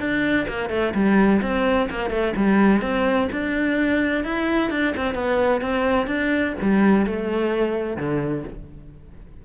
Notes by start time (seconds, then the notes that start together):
0.00 D4
0.48 A#3
0.70 A3
0.95 G3
1.42 C4
1.90 A#3
2.11 A3
2.36 G3
2.82 C4
3.33 D4
4.25 E4
4.71 D4
4.97 C4
5.15 B3
5.61 C4
6.07 D4
6.62 G3
7.06 A3
7.97 D3